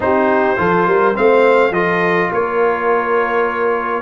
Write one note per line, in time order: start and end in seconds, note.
0.00 0.57 C4
0.00 0.57 D#4
0.00 0.59 G4
0.00 1.16 C5
0.57 0.86 F3
0.57 1.14 F4
0.57 0.85 A4
0.85 1.15 G3
0.85 1.14 A#4
1.14 1.71 A3
1.14 1.72 C4
1.14 1.71 C5
1.14 1.73 F5
1.71 2.28 F3
1.71 4.01 F4
1.71 2.31 A4
1.71 2.31 D#5
2.32 4.01 A#3
2.32 4.01 A#4
2.32 4.01 C#5